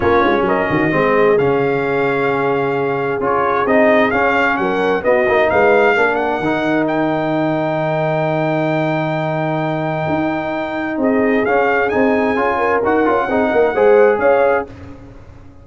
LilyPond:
<<
  \new Staff \with { instrumentName = "trumpet" } { \time 4/4 \tempo 4 = 131 cis''4 dis''2 f''4~ | f''2. cis''4 | dis''4 f''4 fis''4 dis''4 | f''4. fis''4. g''4~ |
g''1~ | g''1 | dis''4 f''4 gis''2 | fis''2. f''4 | }
  \new Staff \with { instrumentName = "horn" } { \time 4/4 f'4 ais'8 fis'8 gis'2~ | gis'1~ | gis'2 ais'4 fis'4 | b'4 ais'2.~ |
ais'1~ | ais'1 | gis'2.~ gis'8 ais'8~ | ais'4 gis'8 ais'8 c''4 cis''4 | }
  \new Staff \with { instrumentName = "trombone" } { \time 4/4 cis'2 c'4 cis'4~ | cis'2. f'4 | dis'4 cis'2 b8 dis'8~ | dis'4 d'4 dis'2~ |
dis'1~ | dis'1~ | dis'4 cis'4 dis'4 f'4 | fis'8 f'8 dis'4 gis'2 | }
  \new Staff \with { instrumentName = "tuba" } { \time 4/4 ais8 gis8 fis8 dis8 gis4 cis4~ | cis2. cis'4 | c'4 cis'4 fis4 b8 ais8 | gis4 ais4 dis2~ |
dis1~ | dis2 dis'2 | c'4 cis'4 c'4 cis'4 | dis'8 cis'8 c'8 ais8 gis4 cis'4 | }
>>